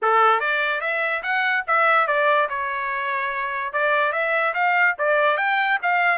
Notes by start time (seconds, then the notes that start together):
0.02 A4
0.39 D5
0.81 E5
1.23 F#5
1.67 E5
2.07 D5
2.49 C#5
3.72 D5
4.12 E5
4.54 F5
4.98 D5
5.37 G5
5.82 F5